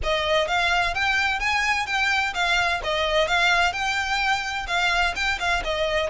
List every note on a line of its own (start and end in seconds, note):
0.03 0.47 D#5
0.47 0.94 F5
0.94 1.39 G5
1.39 1.86 G#5
1.86 2.33 G5
2.34 2.81 F5
2.83 3.27 D#5
3.27 3.72 F5
3.72 4.66 G5
4.67 5.14 F5
5.15 5.39 G5
5.39 5.62 F5
5.64 6.10 D#5